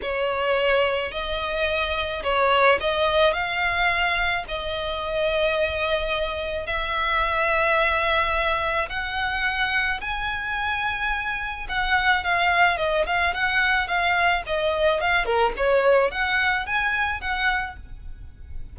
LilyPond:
\new Staff \with { instrumentName = "violin" } { \time 4/4 \tempo 4 = 108 cis''2 dis''2 | cis''4 dis''4 f''2 | dis''1 | e''1 |
fis''2 gis''2~ | gis''4 fis''4 f''4 dis''8 f''8 | fis''4 f''4 dis''4 f''8 ais'8 | cis''4 fis''4 gis''4 fis''4 | }